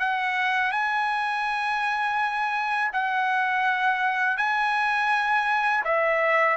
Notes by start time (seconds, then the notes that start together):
0.00 F#5
0.72 G#5
2.93 F#5
4.37 G#5
5.84 E5